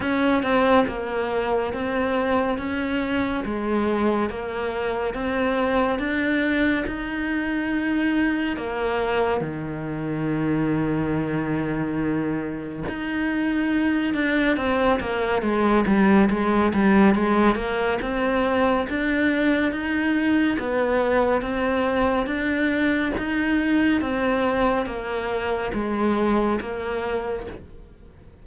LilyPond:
\new Staff \with { instrumentName = "cello" } { \time 4/4 \tempo 4 = 70 cis'8 c'8 ais4 c'4 cis'4 | gis4 ais4 c'4 d'4 | dis'2 ais4 dis4~ | dis2. dis'4~ |
dis'8 d'8 c'8 ais8 gis8 g8 gis8 g8 | gis8 ais8 c'4 d'4 dis'4 | b4 c'4 d'4 dis'4 | c'4 ais4 gis4 ais4 | }